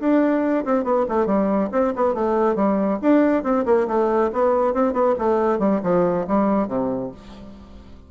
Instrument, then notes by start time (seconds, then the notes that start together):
bassoon
0.00 D4
0.65 C4
0.84 B3
1.09 A3
1.27 G3
1.72 C4
1.96 B3
2.15 A3
2.56 G3
3.02 D4
3.44 C4
3.66 A#3
3.88 A3
4.33 B3
4.74 C4
4.93 B3
5.19 A3
5.59 G3
5.83 F3
6.28 G3
6.68 C3